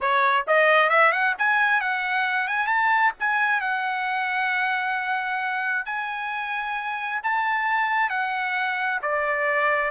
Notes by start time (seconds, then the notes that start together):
0.01 C#5
0.47 D#5
0.89 E5
1.12 F#5
1.38 G#5
1.80 F#5
2.47 G#5
2.66 A5
3.19 G#5
3.60 F#5
5.85 G#5
7.23 A5
8.09 F#5
9.02 D5